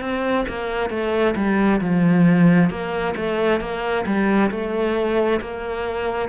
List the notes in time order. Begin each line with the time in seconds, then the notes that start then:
0.00 C4
0.48 A#3
0.90 A3
1.35 G3
1.81 F3
2.69 A#3
3.16 A3
3.60 A#3
4.05 G3
4.51 A3
5.41 A#3